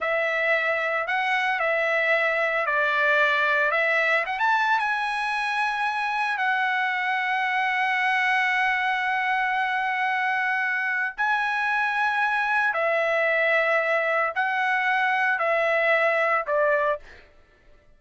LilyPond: \new Staff \with { instrumentName = "trumpet" } { \time 4/4 \tempo 4 = 113 e''2 fis''4 e''4~ | e''4 d''2 e''4 | fis''16 a''8. gis''2. | fis''1~ |
fis''1~ | fis''4 gis''2. | e''2. fis''4~ | fis''4 e''2 d''4 | }